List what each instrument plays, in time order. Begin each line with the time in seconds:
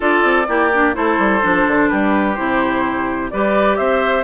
0.00 bassoon D4, clarinet F4, oboe A4, flute D5
0.23 bassoon C4
0.47 bassoon A#3, clarinet E4, oboe G4
0.73 clarinet D4
0.93 bassoon A3, clarinet E4, oboe A4, flute C5
1.18 bassoon G3
1.42 bassoon F3, clarinet D4
1.67 bassoon D3
1.88 bassoon G3, oboe G4, flute B4
2.34 bassoon C3, clarinet E4, flute C5
3.30 bassoon G3, clarinet G4, oboe B4, flute D5
3.76 bassoon C4, oboe C5, flute E5